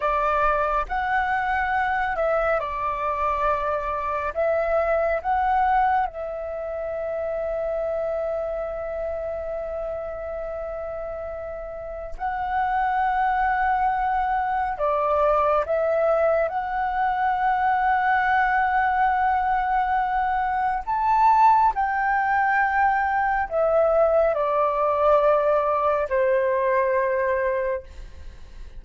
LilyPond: \new Staff \with { instrumentName = "flute" } { \time 4/4 \tempo 4 = 69 d''4 fis''4. e''8 d''4~ | d''4 e''4 fis''4 e''4~ | e''1~ | e''2 fis''2~ |
fis''4 d''4 e''4 fis''4~ | fis''1 | a''4 g''2 e''4 | d''2 c''2 | }